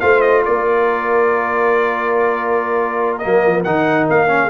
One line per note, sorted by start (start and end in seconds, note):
0.00 0.46 A3
0.00 3.22 F4
0.00 0.44 C5
0.00 0.21 F5
0.21 0.42 D#5
0.45 3.25 A#3
0.45 4.42 A#4
0.45 3.18 D5
3.18 3.65 A#3
3.18 3.61 D#5
3.25 3.46 F#3
3.46 3.65 F3
3.64 4.08 D#3
3.64 4.27 D#4
3.64 4.06 F#5
4.09 4.49 A#3
4.09 4.49 F5
4.27 4.49 C#4
4.42 4.49 G#4